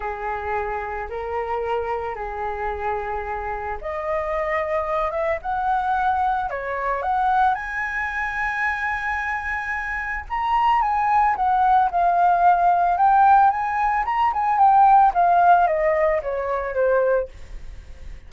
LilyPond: \new Staff \with { instrumentName = "flute" } { \time 4/4 \tempo 4 = 111 gis'2 ais'2 | gis'2. dis''4~ | dis''4. e''8 fis''2 | cis''4 fis''4 gis''2~ |
gis''2. ais''4 | gis''4 fis''4 f''2 | g''4 gis''4 ais''8 gis''8 g''4 | f''4 dis''4 cis''4 c''4 | }